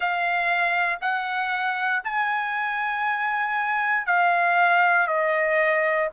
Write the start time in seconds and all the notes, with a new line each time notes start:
0.00 F5
1.01 F#5
2.03 G#5
4.06 F5
5.07 D#5